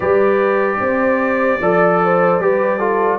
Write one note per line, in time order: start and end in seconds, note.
0.00 0.79 G3
0.00 1.60 G4
0.00 0.79 B4
0.00 3.19 D5
0.79 1.59 C4
0.79 1.60 C5
1.60 2.39 F3
1.60 2.40 A4
1.60 2.00 D5
2.03 2.42 C5
2.39 3.19 G3
2.39 2.79 G4
2.39 2.78 B4
2.78 3.19 F4
2.78 3.18 A4